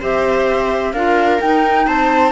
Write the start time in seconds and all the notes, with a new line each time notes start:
0.00 C4 G4 C5 E5
0.93 D4 F4 A#4 F5
1.40 D#4 G5
1.87 C4 C5 A5